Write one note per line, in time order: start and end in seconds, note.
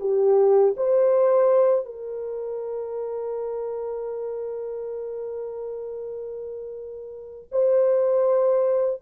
0.00 0.75 G4
0.77 1.85 C5
1.85 7.48 A#4
7.51 9.01 C5